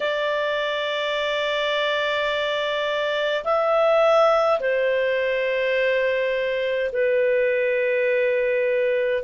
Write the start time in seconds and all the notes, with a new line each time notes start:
0.00 D5
3.44 E5
4.59 C5
6.92 B4